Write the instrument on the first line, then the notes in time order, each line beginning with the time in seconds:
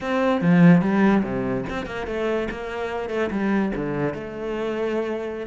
cello
0.00 C4
0.41 F3
0.81 G3
1.23 C3
1.69 C4
1.86 A#3
2.07 A3
2.50 A#3
3.09 A3
3.30 G3
3.75 D3
4.14 A3